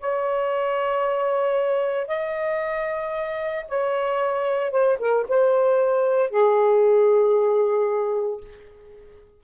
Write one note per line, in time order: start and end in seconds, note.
0.00 2.07 C#5
2.07 3.65 D#5
3.68 4.71 C#5
4.71 4.97 C5
5.00 5.26 A#4
5.28 6.30 C5
6.30 8.41 G#4